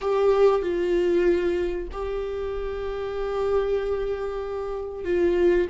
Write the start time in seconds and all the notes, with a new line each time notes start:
0.01 G4
0.61 F4
1.91 G4
5.04 F4